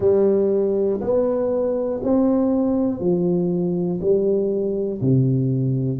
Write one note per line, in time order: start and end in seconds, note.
0.00 1.00 G3
1.00 2.00 B3
2.03 3.00 C4
3.00 4.00 F3
4.00 5.00 G3
5.00 6.00 C3